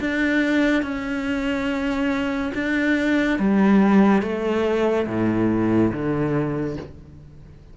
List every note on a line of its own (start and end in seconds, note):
0.00 0.83 D4
0.83 2.52 C#4
2.54 3.39 D4
3.39 4.22 G3
4.22 5.07 A3
5.07 5.92 A2
5.92 6.77 D3